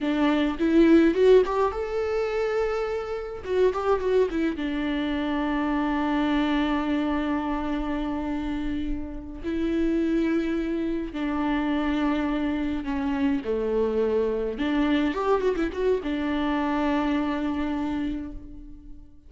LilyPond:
\new Staff \with { instrumentName = "viola" } { \time 4/4 \tempo 4 = 105 d'4 e'4 fis'8 g'8 a'4~ | a'2 fis'8 g'8 fis'8 e'8 | d'1~ | d'1~ |
d'8 e'2. d'8~ | d'2~ d'8 cis'4 a8~ | a4. d'4 g'8 fis'16 e'16 fis'8 | d'1 | }